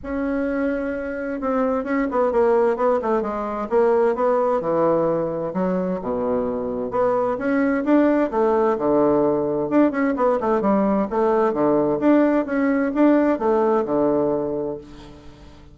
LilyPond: \new Staff \with { instrumentName = "bassoon" } { \time 4/4 \tempo 4 = 130 cis'2. c'4 | cis'8 b8 ais4 b8 a8 gis4 | ais4 b4 e2 | fis4 b,2 b4 |
cis'4 d'4 a4 d4~ | d4 d'8 cis'8 b8 a8 g4 | a4 d4 d'4 cis'4 | d'4 a4 d2 | }